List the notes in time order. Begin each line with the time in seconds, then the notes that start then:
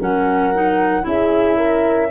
0.00 F#3 C#4 A#4 F#5
0.55 D#4
1.03 C#4 E4 G#4 E5
1.58 A#4